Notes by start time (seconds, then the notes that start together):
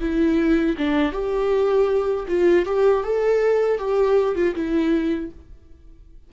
0.00 E4
0.78 D4
1.12 G4
2.28 F4
2.65 G4
3.04 A4
3.79 G4
4.36 F4
4.55 E4